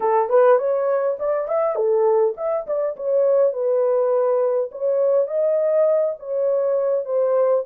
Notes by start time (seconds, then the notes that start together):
0.00 A4
0.29 B4
0.58 C#5
1.19 D5
1.48 E5
1.75 A4
2.36 E5
2.66 D5
2.96 C#5
3.52 B4
4.71 C#5
5.27 D#5
6.19 C#5
7.05 C5